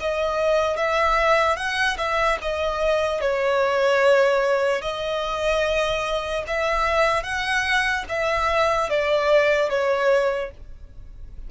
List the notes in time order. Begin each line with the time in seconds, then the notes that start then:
0.00 D#5
0.77 E5
1.57 F#5
1.98 E5
2.42 D#5
3.21 C#5
4.82 D#5
6.47 E5
7.23 F#5
8.09 E5
8.90 D5
9.70 C#5